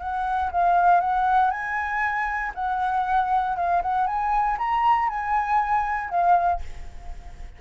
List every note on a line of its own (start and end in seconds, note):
0.00 0.51 F#5
0.52 1.01 F5
1.01 1.51 F#5
1.51 2.53 G#5
2.55 3.57 F#5
3.57 3.82 F5
3.82 4.07 F#5
4.07 4.58 G#5
4.59 5.09 A#5
5.09 6.10 G#5
6.10 6.61 F5